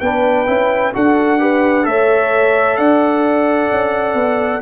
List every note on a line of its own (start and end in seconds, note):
0.00 0.47 B3
0.00 0.46 D4
0.00 0.93 B4
0.00 0.92 G5
0.46 0.94 C#4
0.46 0.92 E4
0.93 1.87 D4
0.93 1.39 F#4
0.93 1.40 A4
0.93 1.86 F#5
1.39 1.83 G4
1.39 1.87 B4
1.83 2.78 A3
1.83 4.60 A4
1.83 2.79 C#5
1.83 2.77 E5
2.77 3.71 D4
2.77 4.62 D5
2.77 4.62 F#5
3.71 4.14 C#4
4.14 4.60 B3